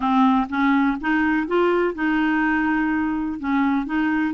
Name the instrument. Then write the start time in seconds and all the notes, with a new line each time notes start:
clarinet
0.00 C4
0.49 C#4
1.00 D#4
1.47 F4
1.94 D#4
3.39 C#4
3.86 D#4